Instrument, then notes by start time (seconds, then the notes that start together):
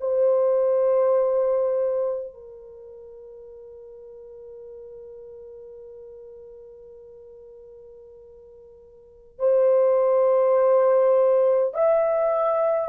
horn
0.00 C5
2.33 A#4
9.39 C5
11.74 E5